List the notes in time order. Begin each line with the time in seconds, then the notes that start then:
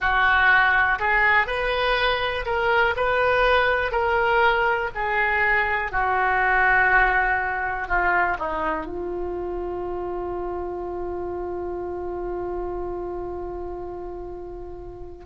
0.00 F#4
0.99 G#4
1.47 B4
2.45 A#4
2.96 B4
3.91 A#4
4.94 G#4
5.91 F#4
7.88 F4
8.38 D#4
8.85 F4